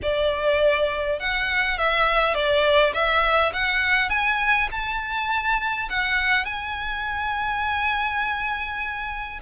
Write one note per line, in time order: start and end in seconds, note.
0.02 1.19 D5
1.19 1.78 F#5
1.78 2.34 E5
2.34 2.93 D5
2.93 3.52 E5
3.53 4.09 F#5
4.09 4.68 G#5
4.71 5.88 A5
5.89 6.45 F#5
6.45 9.39 G#5